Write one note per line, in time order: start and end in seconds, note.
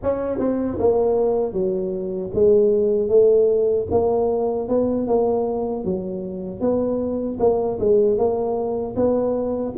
0.02 0.39 C#4
0.39 0.78 C4
0.79 1.52 A#3
1.52 2.30 F#3
2.34 3.09 G#3
3.09 3.86 A3
3.90 4.68 A#3
4.68 5.07 B3
5.07 5.84 A#3
5.84 6.60 F#3
6.60 7.38 B3
7.39 7.78 A#3
7.79 8.17 G#3
8.17 8.95 A#3
8.95 9.73 B3